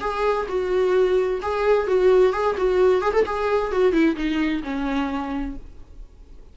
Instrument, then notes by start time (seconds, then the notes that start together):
viola
0.00 G#4
0.48 F#4
1.42 G#4
1.87 F#4
2.32 G#4
2.57 F#4
3.01 G#4
3.13 A4
3.25 G#4
3.71 F#4
3.92 E4
4.16 D#4
4.63 C#4